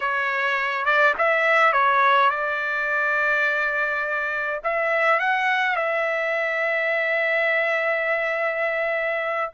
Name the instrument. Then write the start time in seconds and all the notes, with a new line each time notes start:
trumpet
0.00 C#5
0.85 D5
1.18 E5
1.72 C#5
2.30 D5
4.63 E5
5.19 F#5
5.76 E5